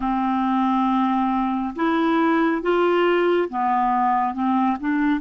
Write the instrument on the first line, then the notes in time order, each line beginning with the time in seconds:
clarinet
0.00 C4
1.75 E4
2.61 F4
3.49 B3
4.34 C4
4.80 D4